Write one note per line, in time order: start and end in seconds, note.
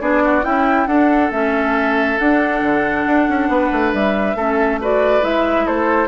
0.00 0.44 B3
0.00 0.42 D4
0.00 0.23 G#4
0.00 0.44 D5
0.24 0.44 F#4
0.42 0.86 C#4
0.42 0.86 E4
0.42 0.87 E4
0.42 0.87 G5
0.86 1.30 D4
0.86 1.32 D4
0.86 3.48 A4
0.86 1.30 F#5
1.30 2.17 A3
1.30 2.19 C#4
1.30 2.18 E5
2.18 4.36 D4
2.18 2.62 D4
2.18 3.92 F#5
2.62 3.05 D3
3.06 3.28 D4
3.28 3.48 C#4
3.48 3.70 B3
3.48 4.36 B4
3.72 3.93 A3
3.93 4.35 G3
3.93 4.80 E5
4.35 5.22 A3
4.35 4.81 C#4
4.35 4.80 A4
4.81 5.21 F#4
4.81 5.65 B4
4.81 5.24 D5
5.21 5.66 G#3
5.21 6.08 E4
5.21 5.67 E5
5.65 6.08 A3
5.65 6.08 A4
5.65 6.08 C5